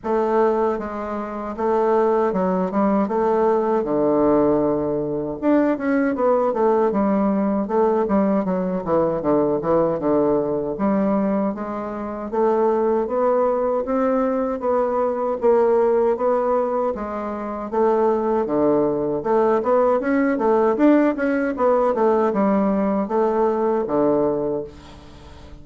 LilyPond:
\new Staff \with { instrumentName = "bassoon" } { \time 4/4 \tempo 4 = 78 a4 gis4 a4 fis8 g8 | a4 d2 d'8 cis'8 | b8 a8 g4 a8 g8 fis8 e8 | d8 e8 d4 g4 gis4 |
a4 b4 c'4 b4 | ais4 b4 gis4 a4 | d4 a8 b8 cis'8 a8 d'8 cis'8 | b8 a8 g4 a4 d4 | }